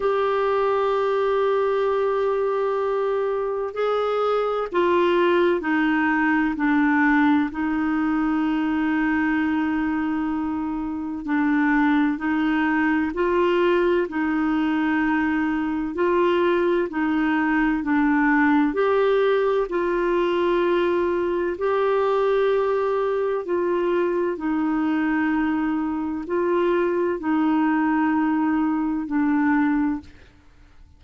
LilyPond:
\new Staff \with { instrumentName = "clarinet" } { \time 4/4 \tempo 4 = 64 g'1 | gis'4 f'4 dis'4 d'4 | dis'1 | d'4 dis'4 f'4 dis'4~ |
dis'4 f'4 dis'4 d'4 | g'4 f'2 g'4~ | g'4 f'4 dis'2 | f'4 dis'2 d'4 | }